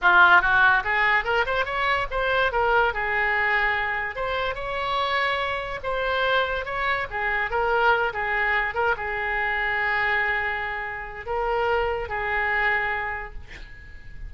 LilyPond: \new Staff \with { instrumentName = "oboe" } { \time 4/4 \tempo 4 = 144 f'4 fis'4 gis'4 ais'8 c''8 | cis''4 c''4 ais'4 gis'4~ | gis'2 c''4 cis''4~ | cis''2 c''2 |
cis''4 gis'4 ais'4. gis'8~ | gis'4 ais'8 gis'2~ gis'8~ | gis'2. ais'4~ | ais'4 gis'2. | }